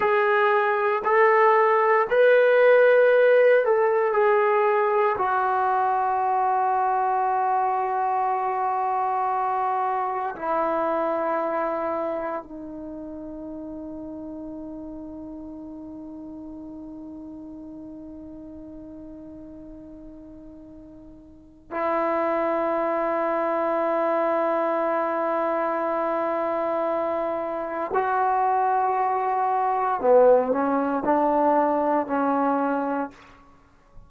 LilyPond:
\new Staff \with { instrumentName = "trombone" } { \time 4/4 \tempo 4 = 58 gis'4 a'4 b'4. a'8 | gis'4 fis'2.~ | fis'2 e'2 | dis'1~ |
dis'1~ | dis'4 e'2.~ | e'2. fis'4~ | fis'4 b8 cis'8 d'4 cis'4 | }